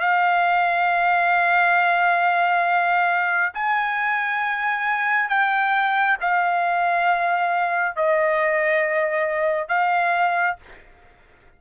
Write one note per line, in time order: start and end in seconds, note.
0.00 3.53 F5
3.54 5.29 G#5
5.29 6.17 G5
6.21 7.96 F5
7.96 9.68 D#5
9.68 10.56 F5